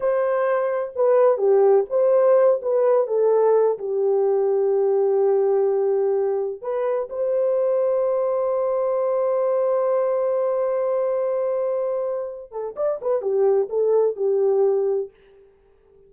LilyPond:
\new Staff \with { instrumentName = "horn" } { \time 4/4 \tempo 4 = 127 c''2 b'4 g'4 | c''4. b'4 a'4. | g'1~ | g'2 b'4 c''4~ |
c''1~ | c''1~ | c''2~ c''8 a'8 d''8 b'8 | g'4 a'4 g'2 | }